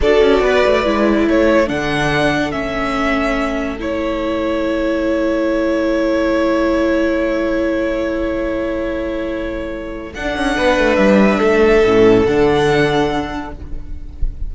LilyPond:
<<
  \new Staff \with { instrumentName = "violin" } { \time 4/4 \tempo 4 = 142 d''2. cis''4 | fis''2 e''2~ | e''4 cis''2.~ | cis''1~ |
cis''1~ | cis''1 | fis''2 e''2~ | e''4 fis''2. | }
  \new Staff \with { instrumentName = "violin" } { \time 4/4 a'4 b'2 a'4~ | a'1~ | a'1~ | a'1~ |
a'1~ | a'1~ | a'4 b'2 a'4~ | a'1 | }
  \new Staff \with { instrumentName = "viola" } { \time 4/4 fis'2 e'2 | d'2 cis'2~ | cis'4 e'2.~ | e'1~ |
e'1~ | e'1 | d'1 | cis'4 d'2. | }
  \new Staff \with { instrumentName = "cello" } { \time 4/4 d'8 cis'8 b8 a8 gis4 a4 | d2 a2~ | a1~ | a1~ |
a1~ | a1 | d'8 cis'8 b8 a8 g4 a4 | a,4 d2. | }
>>